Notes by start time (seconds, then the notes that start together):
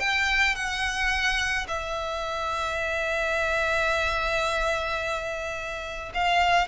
0.00 G5
0.56 F#5
1.68 E5
6.15 F5